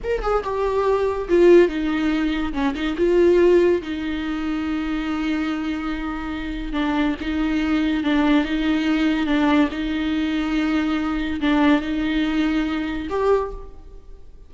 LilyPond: \new Staff \with { instrumentName = "viola" } { \time 4/4 \tempo 4 = 142 ais'8 gis'8 g'2 f'4 | dis'2 cis'8 dis'8 f'4~ | f'4 dis'2.~ | dis'1 |
d'4 dis'2 d'4 | dis'2 d'4 dis'4~ | dis'2. d'4 | dis'2. g'4 | }